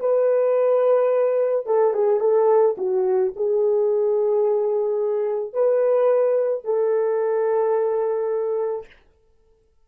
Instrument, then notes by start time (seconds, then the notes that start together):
horn
0.00 B4
1.67 A4
1.94 G#4
2.20 A4
2.78 F#4
3.36 G#4
5.54 B4
6.65 A4